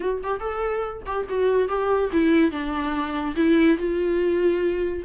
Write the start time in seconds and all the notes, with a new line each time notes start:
0.00 F#4
0.23 G4
0.40 A4
1.05 G4
1.29 F#4
1.68 G4
2.12 E4
2.51 D4
3.36 E4
3.77 F4